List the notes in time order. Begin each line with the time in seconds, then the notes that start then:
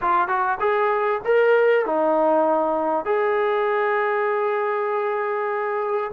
0.01 F4
0.28 F#4
0.60 G#4
1.24 A#4
1.85 D#4
3.05 G#4